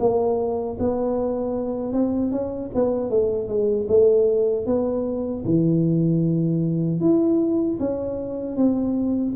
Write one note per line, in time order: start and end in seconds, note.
0.00 0.78 A#3
0.80 1.93 B3
1.93 2.32 C4
2.32 2.71 C#4
2.75 3.10 B3
3.10 3.48 A3
3.48 3.87 G#3
3.89 4.66 A3
4.66 5.44 B3
5.45 7.01 E3
7.01 7.79 E4
7.80 8.57 C#4
8.57 9.35 C4